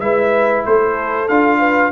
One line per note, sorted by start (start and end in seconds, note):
0.00 0.65 G#3
0.00 1.29 E4
0.00 0.65 B4
0.00 0.64 E5
0.66 1.29 A3
0.66 1.59 A4
0.66 1.29 C5
1.29 1.92 D4
1.29 1.92 F4
1.29 1.92 F5
1.59 1.91 B4